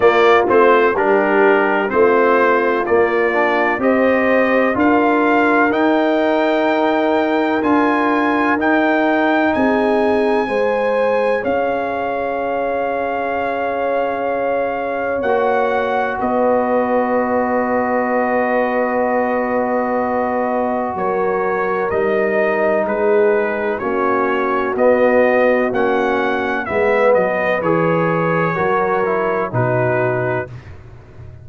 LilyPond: <<
  \new Staff \with { instrumentName = "trumpet" } { \time 4/4 \tempo 4 = 63 d''8 c''8 ais'4 c''4 d''4 | dis''4 f''4 g''2 | gis''4 g''4 gis''2 | f''1 |
fis''4 dis''2.~ | dis''2 cis''4 dis''4 | b'4 cis''4 dis''4 fis''4 | e''8 dis''8 cis''2 b'4 | }
  \new Staff \with { instrumentName = "horn" } { \time 4/4 f'4 g'4 f'2 | c''4 ais'2.~ | ais'2 gis'4 c''4 | cis''1~ |
cis''4 b'2.~ | b'2 ais'2 | gis'4 fis'2. | b'2 ais'4 fis'4 | }
  \new Staff \with { instrumentName = "trombone" } { \time 4/4 ais8 c'8 d'4 c'4 ais8 d'8 | g'4 f'4 dis'2 | f'4 dis'2 gis'4~ | gis'1 |
fis'1~ | fis'2. dis'4~ | dis'4 cis'4 b4 cis'4 | b4 gis'4 fis'8 e'8 dis'4 | }
  \new Staff \with { instrumentName = "tuba" } { \time 4/4 ais8 a8 g4 a4 ais4 | c'4 d'4 dis'2 | d'4 dis'4 c'4 gis4 | cis'1 |
ais4 b2.~ | b2 fis4 g4 | gis4 ais4 b4 ais4 | gis8 fis8 e4 fis4 b,4 | }
>>